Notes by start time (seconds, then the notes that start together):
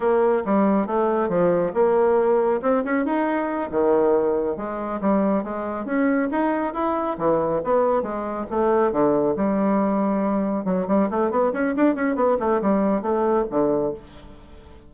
0.00 A#3
0.45 G3
0.86 A3
1.28 F3
1.74 A#3
2.61 C4
2.84 C#4
3.05 D#4
3.70 D#3
4.56 G#3
5.00 G3
5.43 G#3
5.85 C#4
6.31 D#4
6.73 E4
7.18 E3
7.63 B3
8.02 G#3
8.50 A3
8.92 D3
9.36 G3
10.64 F#3
10.87 G3
11.10 A3
11.30 B3
11.53 C#4
11.76 D4
11.95 C#4
12.15 B3
12.39 A3
12.61 G3
13.01 A3
13.50 D3